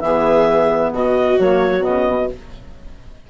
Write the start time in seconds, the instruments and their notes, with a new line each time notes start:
0.00 bassoon E3, saxophone B3, viola G#4, clarinet E5
0.92 bassoon B2, viola F#4, clarinet D#5
1.39 bassoon F#3, saxophone A#3, clarinet C#5
1.81 bassoon C#3, saxophone B3, clarinet D#5
2.07 bassoon B2